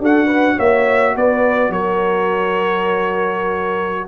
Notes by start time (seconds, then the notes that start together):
0.00 D4 F#4 A4 F#5
0.26 B4
0.56 A#3 C#5 E5
1.15 B3 B4 D5
1.69 F#3 A#4 C#5